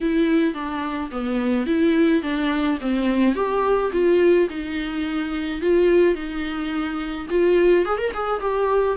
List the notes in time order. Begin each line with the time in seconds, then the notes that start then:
0.00 E4
0.54 D4
1.11 B3
1.66 E4
2.22 D4
2.80 C4
3.35 G4
3.92 F4
4.49 D#4
5.61 F4
6.14 D#4
7.29 F4
7.85 G#4
7.97 A#4
8.13 G#4
8.40 G4